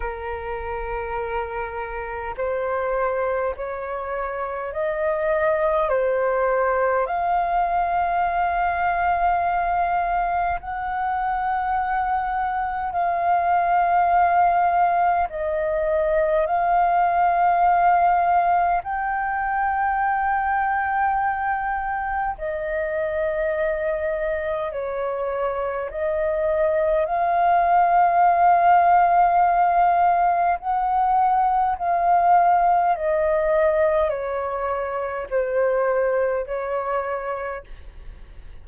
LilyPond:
\new Staff \with { instrumentName = "flute" } { \time 4/4 \tempo 4 = 51 ais'2 c''4 cis''4 | dis''4 c''4 f''2~ | f''4 fis''2 f''4~ | f''4 dis''4 f''2 |
g''2. dis''4~ | dis''4 cis''4 dis''4 f''4~ | f''2 fis''4 f''4 | dis''4 cis''4 c''4 cis''4 | }